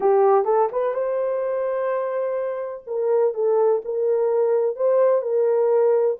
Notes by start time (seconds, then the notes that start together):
0.00 G4
0.44 A4
0.71 B4
0.94 C5
2.86 A#4
3.34 A4
3.84 A#4
4.76 C5
5.21 A#4